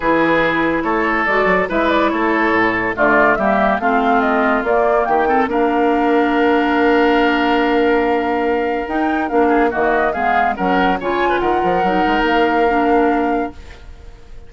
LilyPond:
<<
  \new Staff \with { instrumentName = "flute" } { \time 4/4 \tempo 4 = 142 b'2 cis''4 d''4 | e''8 d''8 cis''2 d''4 | e''4 f''4 dis''4 d''4 | g''4 f''2.~ |
f''1~ | f''4 g''4 f''4 dis''4 | f''4 fis''4 gis''4 fis''4~ | fis''4 f''2. | }
  \new Staff \with { instrumentName = "oboe" } { \time 4/4 gis'2 a'2 | b'4 a'2 f'4 | g'4 f'2. | g'8 a'8 ais'2.~ |
ais'1~ | ais'2~ ais'8 gis'8 fis'4 | gis'4 ais'4 cis''8. b'16 ais'4~ | ais'1 | }
  \new Staff \with { instrumentName = "clarinet" } { \time 4/4 e'2. fis'4 | e'2. a4 | ais4 c'2 ais4~ | ais8 c'8 d'2.~ |
d'1~ | d'4 dis'4 d'4 ais4 | b4 cis'4 f'2 | dis'2 d'2 | }
  \new Staff \with { instrumentName = "bassoon" } { \time 4/4 e2 a4 gis8 fis8 | gis4 a4 a,4 d4 | g4 a2 ais4 | dis4 ais2.~ |
ais1~ | ais4 dis'4 ais4 dis4 | gis4 fis4 cis4 dis8 f8 | fis8 gis8 ais2. | }
>>